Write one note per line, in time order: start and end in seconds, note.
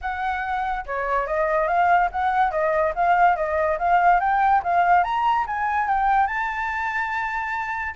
0.01 0.85 F#5
0.86 1.27 C#5
1.27 1.67 D#5
1.67 2.09 F5
2.11 2.51 F#5
2.51 2.93 D#5
2.95 3.36 F5
3.36 3.78 D#5
3.78 4.20 F5
4.20 4.62 G5
4.63 5.03 F5
5.03 5.45 A#5
5.46 5.88 G#5
5.88 6.27 G5
6.27 7.94 A5